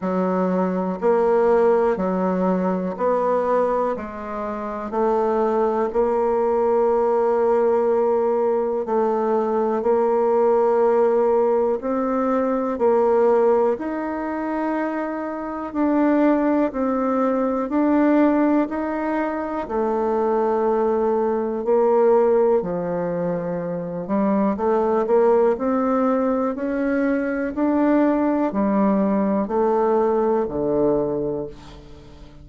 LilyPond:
\new Staff \with { instrumentName = "bassoon" } { \time 4/4 \tempo 4 = 61 fis4 ais4 fis4 b4 | gis4 a4 ais2~ | ais4 a4 ais2 | c'4 ais4 dis'2 |
d'4 c'4 d'4 dis'4 | a2 ais4 f4~ | f8 g8 a8 ais8 c'4 cis'4 | d'4 g4 a4 d4 | }